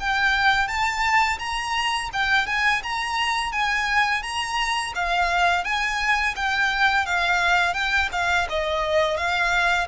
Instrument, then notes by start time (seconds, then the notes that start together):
violin
0.00 G5
0.68 A5
1.40 A#5
2.13 G5
2.47 G#5
2.83 A#5
3.53 G#5
4.23 A#5
4.95 F5
5.64 G#5
6.36 G5
7.06 F5
7.74 G5
8.13 F5
8.50 D#5
9.17 F5